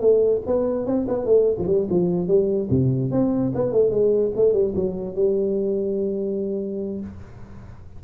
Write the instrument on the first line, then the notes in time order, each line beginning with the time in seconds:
tuba
0.00 A3
0.46 B3
0.86 C4
1.08 B3
1.25 A3
1.58 F3
1.67 G3
1.90 F3
2.27 G3
2.70 C3
3.11 C4
3.55 B3
3.72 A3
3.90 G#3
4.35 A3
4.53 G3
4.75 F#3
5.15 G3